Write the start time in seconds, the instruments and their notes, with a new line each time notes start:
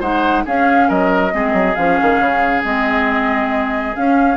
0.00 bassoon G#3, clarinet D#4, oboe C5, flute F#5
0.45 clarinet C#4, bassoon C#4, oboe G#4, flute F5
0.89 bassoon F#3, oboe A#4, flute D#5
1.31 bassoon G#3, clarinet C4, oboe G#4
1.53 bassoon F#3
1.75 bassoon F3, clarinet C#4, flute F5
2.02 bassoon D#3
2.20 bassoon C#3
2.64 bassoon G#3, clarinet C4, flute D#5
3.95 clarinet C#4, bassoon C#4, flute F5